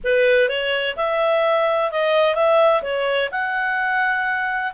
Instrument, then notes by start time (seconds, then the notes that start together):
clarinet
0.03 B4
0.49 C#5
0.96 E5
1.91 D#5
2.34 E5
2.82 C#5
3.31 F#5